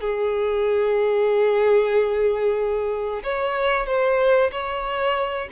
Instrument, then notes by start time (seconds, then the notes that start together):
violin
0.00 G#4
3.23 C#5
3.86 C5
4.52 C#5